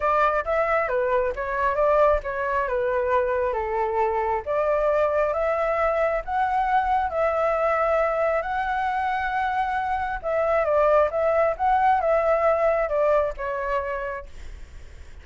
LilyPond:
\new Staff \with { instrumentName = "flute" } { \time 4/4 \tempo 4 = 135 d''4 e''4 b'4 cis''4 | d''4 cis''4 b'2 | a'2 d''2 | e''2 fis''2 |
e''2. fis''4~ | fis''2. e''4 | d''4 e''4 fis''4 e''4~ | e''4 d''4 cis''2 | }